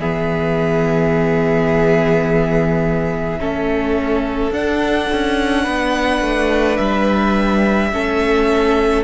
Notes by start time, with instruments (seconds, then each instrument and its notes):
0.00 cello E3, viola B3, violin G#4 E5
3.39 cello A3, viola C#4, violin A4
4.51 cello D4, viola D4, violin F#5
5.13 cello C#4
5.63 cello B3, violin B4
6.21 cello A3
6.77 cello G3, violin E5
7.92 cello A3, viola C#4, violin A4